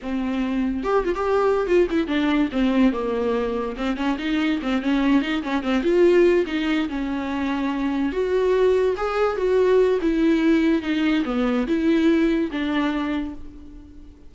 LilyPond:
\new Staff \with { instrumentName = "viola" } { \time 4/4 \tempo 4 = 144 c'2 g'8 f'16 g'4~ g'16 | f'8 e'8 d'4 c'4 ais4~ | ais4 c'8 cis'8 dis'4 c'8 cis'8~ | cis'8 dis'8 cis'8 c'8 f'4. dis'8~ |
dis'8 cis'2. fis'8~ | fis'4. gis'4 fis'4. | e'2 dis'4 b4 | e'2 d'2 | }